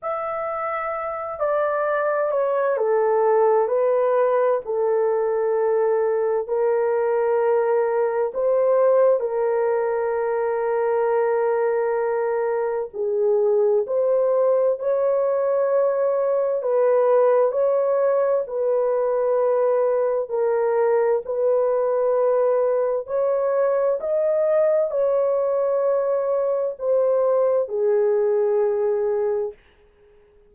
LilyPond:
\new Staff \with { instrumentName = "horn" } { \time 4/4 \tempo 4 = 65 e''4. d''4 cis''8 a'4 | b'4 a'2 ais'4~ | ais'4 c''4 ais'2~ | ais'2 gis'4 c''4 |
cis''2 b'4 cis''4 | b'2 ais'4 b'4~ | b'4 cis''4 dis''4 cis''4~ | cis''4 c''4 gis'2 | }